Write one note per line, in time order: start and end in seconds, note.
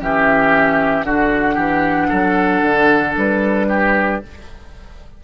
0.00 1.03 E3
0.00 1.05 C#4
0.00 1.06 G4
0.00 1.03 E5
1.03 1.56 D3
1.03 4.22 D4
1.03 1.55 F#4
1.03 3.14 F#5
1.55 2.09 E3
1.55 2.07 G4
2.08 2.62 F#3
2.08 3.66 A4
2.62 3.14 D3
3.16 4.21 G3
3.16 4.23 B4
3.69 4.21 G4